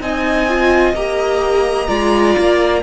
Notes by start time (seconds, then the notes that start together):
0.00 C4 D#4 D#5 G#5
0.48 F4
0.94 A#3 G4 A#5
1.88 G#3 F4 D5
2.38 A#3